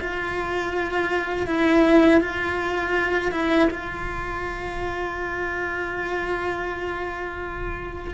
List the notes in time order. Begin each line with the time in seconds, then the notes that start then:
0.00 F4
1.47 E4
2.21 F4
3.32 E4
3.70 F4